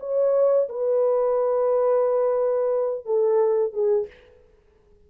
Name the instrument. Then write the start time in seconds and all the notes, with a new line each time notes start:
horn
0.00 C#5
0.69 B4
3.05 A4
3.73 G#4